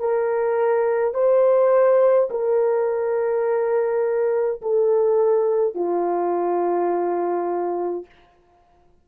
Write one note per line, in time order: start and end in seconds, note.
0.00 1.14 A#4
1.14 2.30 C5
2.31 4.62 A#4
4.62 5.75 A4
5.75 8.06 F4